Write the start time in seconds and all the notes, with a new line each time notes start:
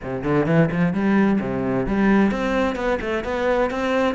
0.03 C3
0.23 D3
0.46 E3
0.71 F3
0.93 G3
1.40 C3
1.86 G3
2.31 C4
2.75 B3
3.00 A3
3.24 B3
3.70 C4